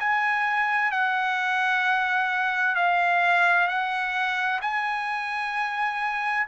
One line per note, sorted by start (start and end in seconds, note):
0.00 0.91 G#5
0.91 2.75 F#5
2.75 3.68 F5
3.68 4.60 F#5
4.62 6.46 G#5